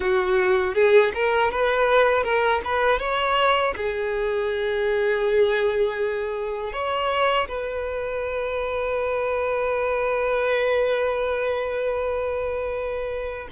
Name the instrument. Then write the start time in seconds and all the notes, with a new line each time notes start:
violin
0.00 F#4
0.74 G#4
1.14 A#4
1.51 B4
2.23 A#4
2.64 B4
2.99 C#5
3.76 G#4
6.72 C#5
7.48 B4